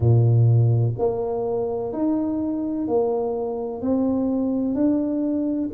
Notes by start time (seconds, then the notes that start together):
0.00 A#2
0.98 A#3
1.93 D#4
2.87 A#3
3.81 C4
4.74 D4